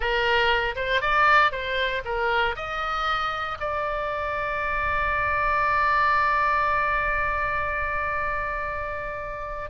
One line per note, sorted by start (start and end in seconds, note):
0.00 0.75 A#4
0.75 1.01 C5
1.01 1.51 D5
1.51 2.02 C5
2.04 2.55 A#4
2.56 3.57 D#5
3.60 9.70 D5